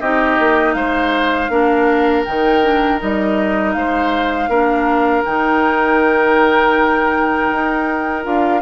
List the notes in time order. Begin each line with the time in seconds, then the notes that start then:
0.00 C4 D#4 G4 D#5
0.39 A#3
0.73 G#3 C5 F5
1.49 A#3 D4 A#4
2.25 D#3 D#4 G5
2.63 D4
2.99 G3 D#4 D#5
3.73 G#3 C5 F5
4.48 A#3 D4 A#4
5.25 D#3 D#4 G5
7.52 D#4
8.23 D4 F4 F5